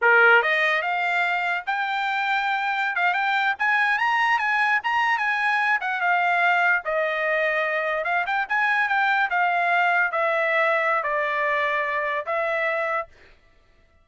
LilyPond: \new Staff \with { instrumentName = "trumpet" } { \time 4/4 \tempo 4 = 147 ais'4 dis''4 f''2 | g''2.~ g''16 f''8 g''16~ | g''8. gis''4 ais''4 gis''4 ais''16~ | ais''8. gis''4. fis''8 f''4~ f''16~ |
f''8. dis''2. f''16~ | f''16 g''8 gis''4 g''4 f''4~ f''16~ | f''8. e''2~ e''16 d''4~ | d''2 e''2 | }